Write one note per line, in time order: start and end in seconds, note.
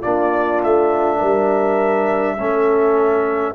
0.00 0.64 A#3
0.00 2.38 D4
0.00 1.18 F4
0.00 0.61 D5
0.63 1.22 A3
0.63 3.55 E5
1.19 2.39 G3
1.19 2.36 A#4
2.38 3.55 A3
2.38 3.55 C#4
2.38 3.55 A4